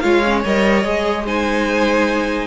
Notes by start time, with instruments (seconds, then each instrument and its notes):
0.00 cello G#3, viola F4, violin C#5 F5
0.24 viola C#4
0.45 cello G3, viola A#4, violin D#5
0.84 cello G#3, viola G#4
1.26 viola D#4, violin C5 G#5